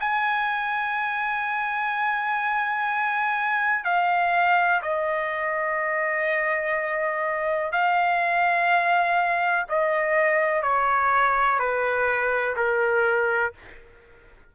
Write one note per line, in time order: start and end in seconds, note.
0.00 3.84 G#5
3.84 4.81 F5
4.82 7.72 D#5
7.72 9.66 F5
9.69 10.62 D#5
10.62 11.59 C#5
11.59 12.56 B4
12.56 13.53 A#4